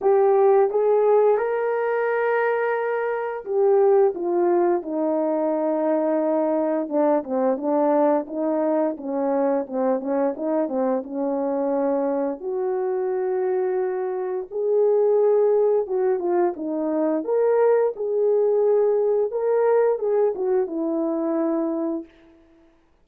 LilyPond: \new Staff \with { instrumentName = "horn" } { \time 4/4 \tempo 4 = 87 g'4 gis'4 ais'2~ | ais'4 g'4 f'4 dis'4~ | dis'2 d'8 c'8 d'4 | dis'4 cis'4 c'8 cis'8 dis'8 c'8 |
cis'2 fis'2~ | fis'4 gis'2 fis'8 f'8 | dis'4 ais'4 gis'2 | ais'4 gis'8 fis'8 e'2 | }